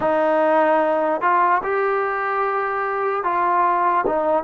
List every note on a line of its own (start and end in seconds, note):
0.00 1.21 D#4
1.21 1.61 F4
1.63 3.23 G4
3.23 4.04 F4
4.06 4.43 D#4